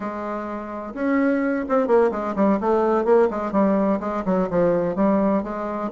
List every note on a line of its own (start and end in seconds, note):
0.00 0.94 G#3
0.94 1.65 C#4
1.68 1.87 C4
1.87 2.10 A#3
2.11 2.35 G#3
2.35 2.59 G3
2.60 3.04 A3
3.04 3.28 A#3
3.30 3.52 G#3
3.52 3.99 G3
3.99 4.23 G#3
4.25 4.49 F#3
4.49 4.95 F3
4.95 5.43 G3
5.43 5.90 G#3